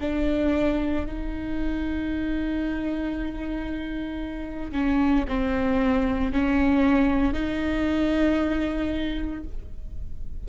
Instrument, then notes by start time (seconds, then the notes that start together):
viola
0.00 D4
1.06 D#4
4.72 C#4
5.28 C4
6.32 C#4
7.33 D#4